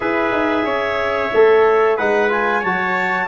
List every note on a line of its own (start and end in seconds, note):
0.00 0.31 E4
0.00 1.31 G#4
0.00 0.64 B4
0.00 1.97 E5
0.31 0.64 D#4
0.64 1.30 C#4
0.64 1.96 C#5
1.33 1.99 A3
1.33 1.98 A4
1.96 2.63 G#3
1.96 2.29 D#4
1.96 2.60 B4
1.96 2.30 F#5
2.29 2.62 F4
2.29 2.63 G#5
2.60 3.28 F#3
2.60 3.28 F#4
2.60 3.26 C#5
2.60 3.28 A5